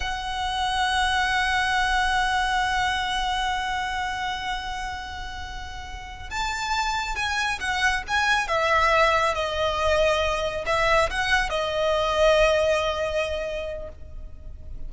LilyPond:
\new Staff \with { instrumentName = "violin" } { \time 4/4 \tempo 4 = 138 fis''1~ | fis''1~ | fis''1~ | fis''2~ fis''8 a''4.~ |
a''8 gis''4 fis''4 gis''4 e''8~ | e''4. dis''2~ dis''8~ | dis''8 e''4 fis''4 dis''4.~ | dis''1 | }